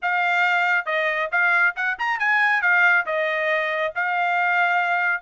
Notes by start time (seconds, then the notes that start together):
0.02 F5
0.85 D#5
1.31 F5
1.76 F#5
1.98 A#5
2.19 G#5
2.61 F5
3.06 D#5
3.95 F5